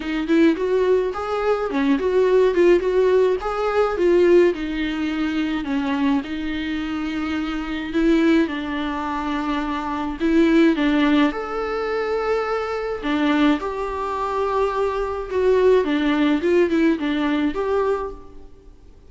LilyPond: \new Staff \with { instrumentName = "viola" } { \time 4/4 \tempo 4 = 106 dis'8 e'8 fis'4 gis'4 cis'8 fis'8~ | fis'8 f'8 fis'4 gis'4 f'4 | dis'2 cis'4 dis'4~ | dis'2 e'4 d'4~ |
d'2 e'4 d'4 | a'2. d'4 | g'2. fis'4 | d'4 f'8 e'8 d'4 g'4 | }